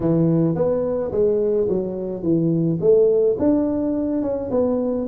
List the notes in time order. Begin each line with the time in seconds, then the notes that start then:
0.00 E3
0.55 B3
1.11 G#3
1.68 F#3
2.23 E3
2.80 A3
3.38 D4
4.22 C#4
4.51 B3